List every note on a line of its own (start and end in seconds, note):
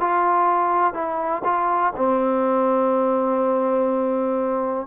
0.00 0.94 F4
0.94 1.42 E4
1.44 1.93 F4
1.96 4.86 C4